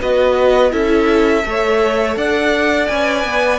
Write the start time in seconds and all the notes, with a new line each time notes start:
0.00 B3 F#4 B4 D#5
0.71 C#4 E4 A4 E5
1.45 A3 A4 C#5
2.16 D4 D5 F#5
2.87 C#4 B4 G#5
3.24 B3